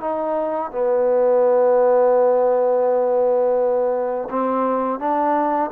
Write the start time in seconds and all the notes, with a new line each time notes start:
0.00 D#4
0.71 B3
4.30 C4
4.99 D4